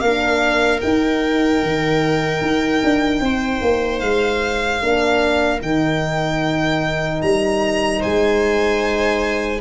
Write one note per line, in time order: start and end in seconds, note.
0.00 0.81 A#3
0.00 0.82 D4
0.00 3.24 A#4
0.00 0.80 F5
0.81 4.81 D#4
0.81 1.63 D#4
0.81 4.00 G5
1.63 2.41 D#3
2.41 2.81 D#4
2.84 3.20 D4
3.20 3.60 C4
3.20 4.82 C5
3.62 4.01 A#3
4.00 4.81 G#3
4.00 5.60 F5
4.81 5.61 A#3
4.81 5.60 D4
4.81 8.00 A#4
5.60 7.21 D#3
5.60 9.60 D#4
5.60 7.22 G5
7.22 8.03 G3
7.22 8.02 A#5
8.00 9.61 G#3
8.00 9.60 C5
8.00 9.61 G#5